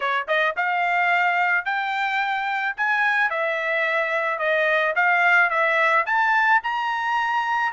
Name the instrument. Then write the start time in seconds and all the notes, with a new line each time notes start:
trumpet
0.00 C#5
0.27 D#5
0.56 F5
1.65 G5
2.76 G#5
3.30 E5
4.39 D#5
4.95 F5
5.49 E5
6.06 A5
6.63 A#5